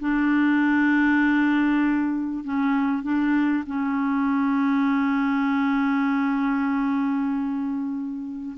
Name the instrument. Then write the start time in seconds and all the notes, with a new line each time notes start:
clarinet
0.00 D4
2.44 C#4
3.03 D4
3.67 C#4